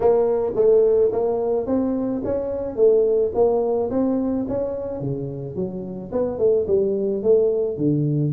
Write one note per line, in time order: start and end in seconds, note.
0.00 0.53 A#3
0.55 1.11 A3
1.12 1.66 A#3
1.66 2.22 C4
2.24 2.76 C#4
2.76 3.31 A3
3.34 3.89 A#3
3.90 4.46 C4
4.48 5.00 C#4
5.00 5.55 C#3
5.55 6.11 F#3
6.11 6.38 B3
6.38 6.66 A3
6.67 7.22 G3
7.22 7.77 A3
7.77 8.32 D3